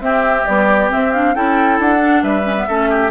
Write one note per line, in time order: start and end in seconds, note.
0.00 0.44 C4
0.00 0.45 C4
0.00 1.35 G4
0.00 0.45 E5
0.45 0.89 G3
0.45 0.92 B3
0.45 0.89 D5
0.89 1.11 C4
0.89 1.35 C4
0.89 1.12 E5
1.12 1.35 D4
1.12 1.35 F5
1.35 1.79 C#4
1.35 1.98 E4
1.35 2.23 A4
1.35 1.79 G5
1.79 2.22 D4
1.79 2.22 F#5
1.98 2.43 D4
2.22 2.67 G3
2.22 2.67 B4
2.22 3.11 E5
2.43 2.55 C#4
2.57 2.68 B3
2.67 3.11 A3
2.67 3.11 C#4
2.67 2.89 A4
2.89 3.11 G4